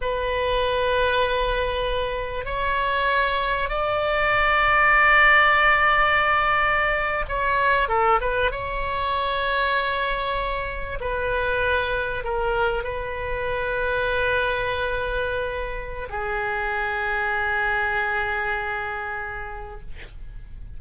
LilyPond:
\new Staff \with { instrumentName = "oboe" } { \time 4/4 \tempo 4 = 97 b'1 | cis''2 d''2~ | d''2.~ d''8. cis''16~ | cis''8. a'8 b'8 cis''2~ cis''16~ |
cis''4.~ cis''16 b'2 ais'16~ | ais'8. b'2.~ b'16~ | b'2 gis'2~ | gis'1 | }